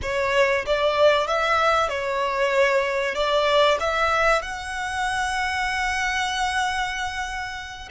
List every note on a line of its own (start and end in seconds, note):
0.01 0.65 C#5
0.65 1.27 D5
1.27 1.88 E5
1.88 3.14 C#5
3.14 3.78 D5
3.80 4.42 E5
4.42 7.89 F#5